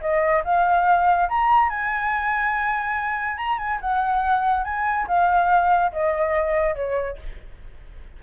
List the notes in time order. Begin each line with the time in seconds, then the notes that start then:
0.00 D#5
0.44 F5
1.29 A#5
1.69 G#5
3.37 A#5
3.58 G#5
3.81 F#5
4.64 G#5
5.07 F5
5.92 D#5
6.75 C#5